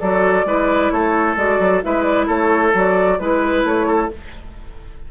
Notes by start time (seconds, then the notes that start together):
0.00 F#3 F#4 A4 D5
0.45 G#3 E4 B4
0.91 A3 A4 C#5
1.36 G#3 F#4 D5
1.59 F#3
1.82 G#3 E4 B4 E5
2.03 D5
2.27 A3 A4 C#5
2.74 F#3 F#4 D5
3.19 G#3 E4 B4
3.64 A3 C#5
3.87 A4